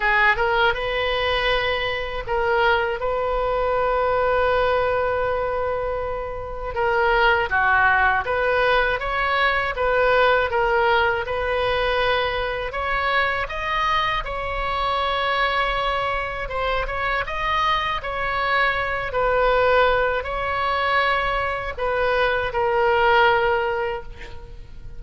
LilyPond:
\new Staff \with { instrumentName = "oboe" } { \time 4/4 \tempo 4 = 80 gis'8 ais'8 b'2 ais'4 | b'1~ | b'4 ais'4 fis'4 b'4 | cis''4 b'4 ais'4 b'4~ |
b'4 cis''4 dis''4 cis''4~ | cis''2 c''8 cis''8 dis''4 | cis''4. b'4. cis''4~ | cis''4 b'4 ais'2 | }